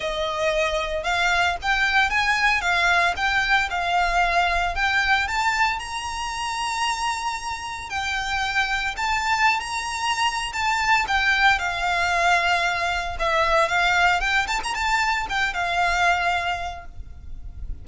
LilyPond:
\new Staff \with { instrumentName = "violin" } { \time 4/4 \tempo 4 = 114 dis''2 f''4 g''4 | gis''4 f''4 g''4 f''4~ | f''4 g''4 a''4 ais''4~ | ais''2. g''4~ |
g''4 a''4~ a''16 ais''4.~ ais''16 | a''4 g''4 f''2~ | f''4 e''4 f''4 g''8 a''16 ais''16 | a''4 g''8 f''2~ f''8 | }